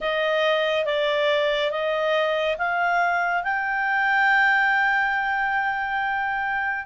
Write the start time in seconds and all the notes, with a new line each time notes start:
0.00 D#5
0.85 D5
1.70 D#5
2.58 F5
3.43 G5